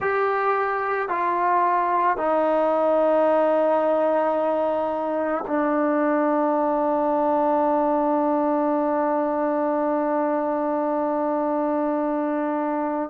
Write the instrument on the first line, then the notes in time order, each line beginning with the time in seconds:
trombone
0.00 G4
1.09 F4
2.17 D#4
5.47 D4